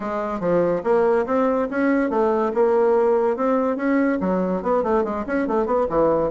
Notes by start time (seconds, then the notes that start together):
0.00 G#3
0.39 F3
0.83 A#3
1.26 C4
1.70 C#4
2.10 A3
2.53 A#3
3.36 C4
3.76 C#4
4.20 F#3
4.62 B3
4.83 A3
5.04 G#3
5.26 C#4
5.47 A3
5.65 B3
5.89 E3